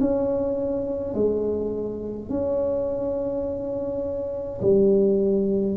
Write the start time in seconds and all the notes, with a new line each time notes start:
0.00 C#4
1.14 G#3
2.29 C#4
4.62 G3